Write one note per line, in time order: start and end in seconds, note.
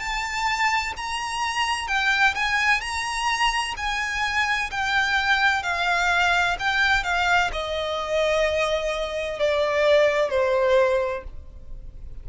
0.00 0.94 A5
0.97 1.88 A#5
1.88 2.35 G5
2.35 2.81 G#5
2.81 3.75 A#5
3.77 4.71 G#5
4.71 5.63 G5
5.63 6.57 F5
6.60 7.04 G5
7.04 7.51 F5
7.53 9.40 D#5
9.40 10.30 D5
10.30 11.24 C5